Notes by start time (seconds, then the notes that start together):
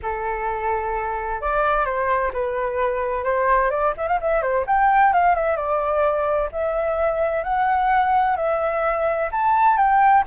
0.02 A4
1.41 D5
1.85 C5
2.33 B4
3.23 C5
3.70 D5
3.97 E5
4.07 F5
4.21 E5
4.42 C5
4.66 G5
5.13 F5
5.35 E5
5.56 D5
6.51 E5
7.43 F#5
8.36 E5
9.31 A5
9.77 G5